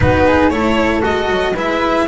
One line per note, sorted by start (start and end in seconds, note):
0.00 0.50 B3
0.00 0.51 D#4
0.00 0.26 F#4
0.00 0.49 B4
0.26 0.52 G#4
0.49 1.01 A3
0.49 1.02 E4
0.49 1.53 A4
0.49 1.01 C#5
1.02 1.29 G#3
1.02 1.53 F#4
1.02 1.55 D#5
1.30 1.55 F#3
1.53 2.06 G#3
1.53 2.07 E4
1.53 2.05 B4
1.53 2.07 E5